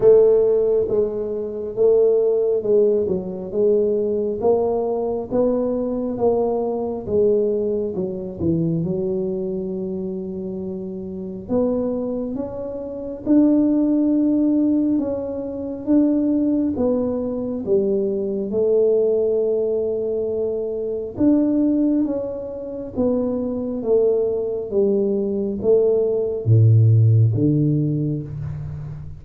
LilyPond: \new Staff \with { instrumentName = "tuba" } { \time 4/4 \tempo 4 = 68 a4 gis4 a4 gis8 fis8 | gis4 ais4 b4 ais4 | gis4 fis8 e8 fis2~ | fis4 b4 cis'4 d'4~ |
d'4 cis'4 d'4 b4 | g4 a2. | d'4 cis'4 b4 a4 | g4 a4 a,4 d4 | }